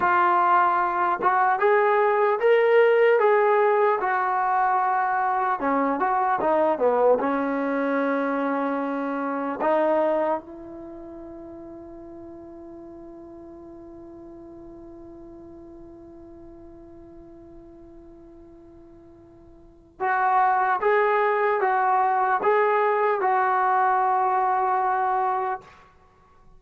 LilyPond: \new Staff \with { instrumentName = "trombone" } { \time 4/4 \tempo 4 = 75 f'4. fis'8 gis'4 ais'4 | gis'4 fis'2 cis'8 fis'8 | dis'8 b8 cis'2. | dis'4 e'2.~ |
e'1~ | e'1~ | e'4 fis'4 gis'4 fis'4 | gis'4 fis'2. | }